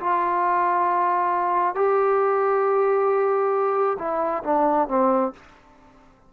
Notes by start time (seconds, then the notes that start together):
0.00 F4
1.75 G4
3.99 E4
4.44 D4
4.88 C4